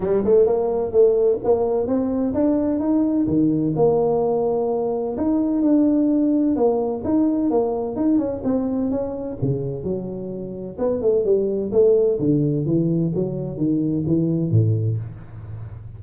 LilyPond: \new Staff \with { instrumentName = "tuba" } { \time 4/4 \tempo 4 = 128 g8 a8 ais4 a4 ais4 | c'4 d'4 dis'4 dis4 | ais2. dis'4 | d'2 ais4 dis'4 |
ais4 dis'8 cis'8 c'4 cis'4 | cis4 fis2 b8 a8 | g4 a4 d4 e4 | fis4 dis4 e4 a,4 | }